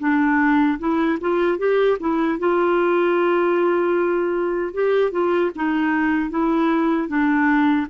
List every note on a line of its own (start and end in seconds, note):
0.00 0.79 D4
0.79 1.18 E4
1.21 1.59 F4
1.59 1.98 G4
2.00 2.39 E4
2.39 4.74 F4
4.74 5.11 G4
5.11 5.51 F4
5.56 6.30 D#4
6.30 7.08 E4
7.08 7.87 D4